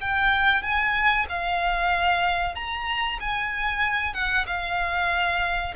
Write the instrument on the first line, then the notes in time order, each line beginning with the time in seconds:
violin
0.00 G5
0.62 G#5
1.29 F5
2.55 A#5
3.20 G#5
4.13 F#5
4.46 F5